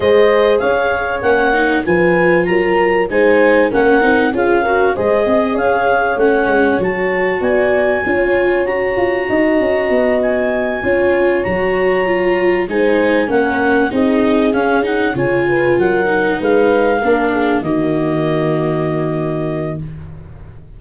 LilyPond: <<
  \new Staff \with { instrumentName = "clarinet" } { \time 4/4 \tempo 4 = 97 dis''4 f''4 fis''4 gis''4 | ais''4 gis''4 fis''4 f''4 | dis''4 f''4 fis''4 a''4 | gis''2 ais''2~ |
ais''8 gis''2 ais''4.~ | ais''8 gis''4 fis''4 dis''4 f''8 | fis''8 gis''4 fis''4 f''4.~ | f''8 dis''2.~ dis''8 | }
  \new Staff \with { instrumentName = "horn" } { \time 4/4 c''4 cis''2 b'4 | ais'4 c''4 ais'4 gis'8 ais'8 | c''8 dis''8 cis''2. | d''4 cis''2 dis''4~ |
dis''4. cis''2~ cis''8~ | cis''8 c''4 ais'4 gis'4.~ | gis'8 cis''8 b'8 ais'4 b'4 ais'8 | gis'8 fis'2.~ fis'8 | }
  \new Staff \with { instrumentName = "viola" } { \time 4/4 gis'2 cis'8 dis'8 f'4~ | f'4 dis'4 cis'8 dis'8 f'8 fis'8 | gis'2 cis'4 fis'4~ | fis'4 f'4 fis'2~ |
fis'4. f'4 fis'4 f'8~ | f'8 dis'4 cis'4 dis'4 cis'8 | dis'8 f'4. dis'4. d'8~ | d'8 ais2.~ ais8 | }
  \new Staff \with { instrumentName = "tuba" } { \time 4/4 gis4 cis'4 ais4 f4 | fis4 gis4 ais8 c'8 cis'4 | gis8 c'8 cis'4 a8 gis8 fis4 | b4 cis'4 fis'8 f'8 dis'8 cis'8 |
b4. cis'4 fis4.~ | fis8 gis4 ais4 c'4 cis'8~ | cis'8 cis4 fis4 gis4 ais8~ | ais8 dis2.~ dis8 | }
>>